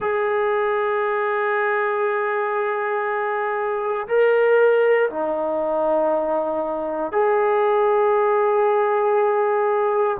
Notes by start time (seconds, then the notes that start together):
0.00 G#4
4.07 A#4
5.09 D#4
7.12 G#4